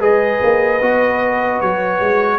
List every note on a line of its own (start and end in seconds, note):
0.00 0.41 G#3
0.00 0.80 G#4
0.00 2.39 B4
0.00 1.61 D#5
0.43 0.82 A#3
0.82 1.62 B3
0.82 2.39 F#4
1.61 2.00 F#3
1.61 2.39 C#5
2.00 2.39 G#3